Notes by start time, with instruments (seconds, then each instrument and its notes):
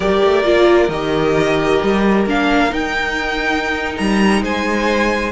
0.00 cello G3, viola G4, violin A#4 D5
0.24 cello A3
0.44 cello A#3, viola F4
0.88 cello D#3, viola G4, violin D#5
1.83 cello G3
2.26 cello A#3, viola D4, violin F5
2.70 viola D#4, cello D#4, violin G5
3.97 cello G3, violin A#5
4.41 cello G#3, violin C5 G#5